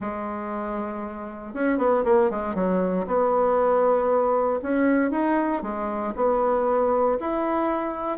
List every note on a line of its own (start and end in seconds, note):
0.00 1.54 G#3
1.54 1.78 C#4
1.78 2.03 B3
2.04 2.30 A#3
2.30 2.54 G#3
2.54 3.06 F#3
3.06 4.60 B3
4.62 5.10 C#4
5.10 5.62 D#4
5.62 6.13 G#3
6.15 7.18 B3
7.19 8.17 E4